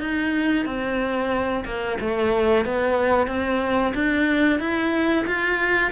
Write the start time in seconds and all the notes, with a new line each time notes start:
0.00 D#4
0.66 C4
1.65 A#3
2.00 A3
2.66 B3
3.28 C4
3.94 D4
4.60 E4
5.27 F4